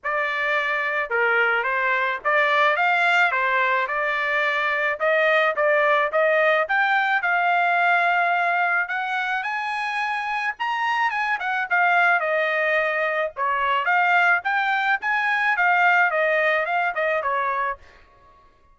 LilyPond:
\new Staff \with { instrumentName = "trumpet" } { \time 4/4 \tempo 4 = 108 d''2 ais'4 c''4 | d''4 f''4 c''4 d''4~ | d''4 dis''4 d''4 dis''4 | g''4 f''2. |
fis''4 gis''2 ais''4 | gis''8 fis''8 f''4 dis''2 | cis''4 f''4 g''4 gis''4 | f''4 dis''4 f''8 dis''8 cis''4 | }